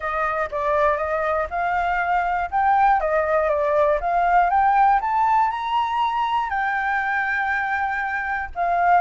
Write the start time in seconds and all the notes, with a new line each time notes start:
0.00 D#5
0.51 D5
0.97 D#5
1.50 F5
2.50 G5
3.00 D#5
3.49 D5
4.00 F5
4.50 G5
5.00 A5
5.50 A#5
6.49 G5
8.55 F5